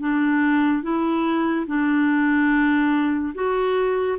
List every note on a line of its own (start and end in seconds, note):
0.00 0.83 D4
0.83 1.66 E4
1.67 3.34 D4
3.35 4.18 F#4